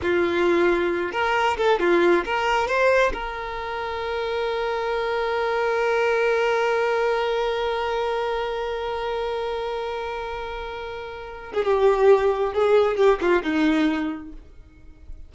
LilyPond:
\new Staff \with { instrumentName = "violin" } { \time 4/4 \tempo 4 = 134 f'2~ f'8 ais'4 a'8 | f'4 ais'4 c''4 ais'4~ | ais'1~ | ais'1~ |
ais'1~ | ais'1~ | ais'4.~ ais'16 gis'16 g'2 | gis'4 g'8 f'8 dis'2 | }